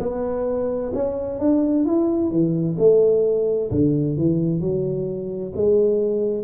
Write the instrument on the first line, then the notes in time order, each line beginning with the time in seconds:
tuba
0.00 B3
0.94 C#4
1.40 D4
1.85 E4
2.31 E3
2.79 A3
3.72 D3
4.18 E3
4.61 F#3
5.56 G#3